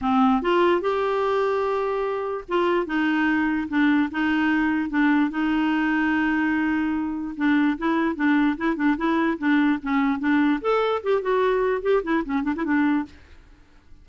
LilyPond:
\new Staff \with { instrumentName = "clarinet" } { \time 4/4 \tempo 4 = 147 c'4 f'4 g'2~ | g'2 f'4 dis'4~ | dis'4 d'4 dis'2 | d'4 dis'2.~ |
dis'2 d'4 e'4 | d'4 e'8 d'8 e'4 d'4 | cis'4 d'4 a'4 g'8 fis'8~ | fis'4 g'8 e'8 cis'8 d'16 e'16 d'4 | }